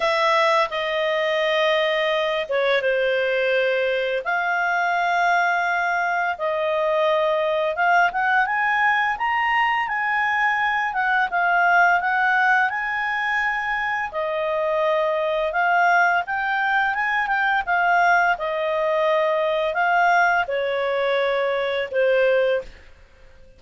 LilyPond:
\new Staff \with { instrumentName = "clarinet" } { \time 4/4 \tempo 4 = 85 e''4 dis''2~ dis''8 cis''8 | c''2 f''2~ | f''4 dis''2 f''8 fis''8 | gis''4 ais''4 gis''4. fis''8 |
f''4 fis''4 gis''2 | dis''2 f''4 g''4 | gis''8 g''8 f''4 dis''2 | f''4 cis''2 c''4 | }